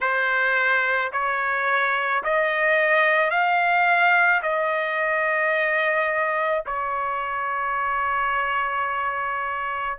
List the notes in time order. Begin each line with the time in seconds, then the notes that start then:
0.00 C5
1.12 C#5
2.23 D#5
3.30 F5
4.42 D#5
6.66 C#5